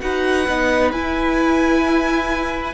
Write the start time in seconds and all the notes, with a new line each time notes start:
0.00 D#4 F#4 B4 F#5
0.48 B3 D#4
0.92 E4 G#5